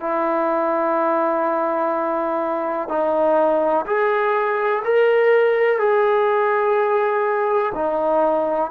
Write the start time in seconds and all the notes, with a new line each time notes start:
0.00 E4
2.89 D#4
3.86 G#4
4.84 A#4
5.79 G#4
7.75 D#4